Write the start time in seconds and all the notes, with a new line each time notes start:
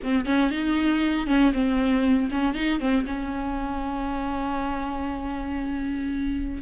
0.03 C4
0.25 C#4
0.50 D#4
1.26 C#4
1.53 C4
2.30 C#4
2.54 D#4
2.80 C4
3.06 C#4